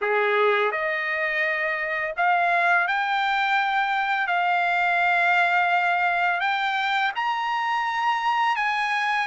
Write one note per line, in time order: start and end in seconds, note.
0.01 0.71 G#4
0.71 2.14 D#5
2.16 2.87 F5
2.87 4.27 G5
4.27 6.40 F5
6.40 7.11 G5
7.15 8.56 A#5
8.56 9.27 G#5